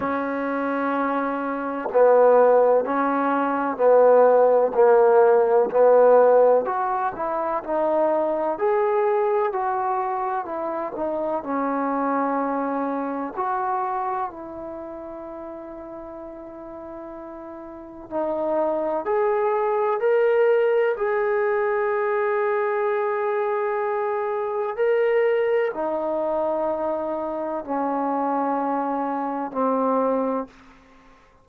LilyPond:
\new Staff \with { instrumentName = "trombone" } { \time 4/4 \tempo 4 = 63 cis'2 b4 cis'4 | b4 ais4 b4 fis'8 e'8 | dis'4 gis'4 fis'4 e'8 dis'8 | cis'2 fis'4 e'4~ |
e'2. dis'4 | gis'4 ais'4 gis'2~ | gis'2 ais'4 dis'4~ | dis'4 cis'2 c'4 | }